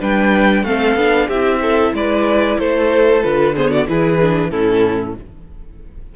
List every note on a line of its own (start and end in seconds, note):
0.00 0.63 G3
0.00 0.65 D4
0.00 0.65 B4
0.00 0.65 G5
0.63 0.95 A3
0.63 0.98 C4
0.63 1.28 A4
0.63 1.29 F5
0.95 1.28 B3
0.95 1.31 D4
1.28 1.93 C4
1.28 3.23 E4
1.28 1.60 G4
1.28 1.94 E5
1.62 1.94 A4
1.93 2.58 G#3
1.93 2.60 B4
1.93 2.59 D5
2.59 3.24 A3
2.59 3.56 A4
2.59 3.23 C5
3.23 3.89 D3
3.23 3.55 F4
3.23 3.55 B4
3.56 3.88 B3
3.56 3.71 G#4
3.56 3.71 C5
3.71 3.87 F#4
3.71 3.87 D5
3.88 4.51 E3
3.88 4.20 E4
3.88 4.51 G#4
3.88 4.51 B4
4.22 4.51 D4
4.51 5.15 A2
4.51 5.16 C#4
4.51 5.16 E4
4.51 5.15 A4